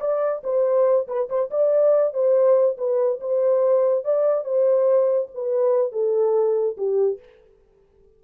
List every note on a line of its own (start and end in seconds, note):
0.00 0.42 D5
0.43 1.07 C5
1.07 1.28 B4
1.29 1.50 C5
1.50 2.13 D5
2.13 2.77 C5
2.77 3.20 B4
3.20 4.04 C5
4.04 4.44 D5
4.44 5.29 C5
5.34 5.92 B4
5.92 6.76 A4
6.77 7.19 G4